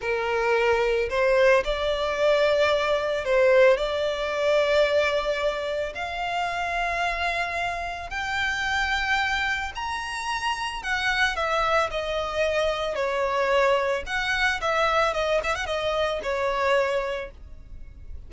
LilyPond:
\new Staff \with { instrumentName = "violin" } { \time 4/4 \tempo 4 = 111 ais'2 c''4 d''4~ | d''2 c''4 d''4~ | d''2. f''4~ | f''2. g''4~ |
g''2 ais''2 | fis''4 e''4 dis''2 | cis''2 fis''4 e''4 | dis''8 e''16 fis''16 dis''4 cis''2 | }